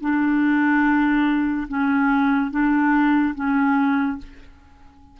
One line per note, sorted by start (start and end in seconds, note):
0.00 1.67 D4
1.67 2.50 C#4
2.50 3.34 D4
3.34 4.18 C#4